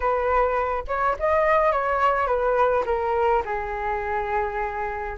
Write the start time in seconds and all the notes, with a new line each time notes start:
0.00 B4
0.87 C#5
1.19 D#5
1.71 C#5
2.26 B4
2.85 A#4
3.45 G#4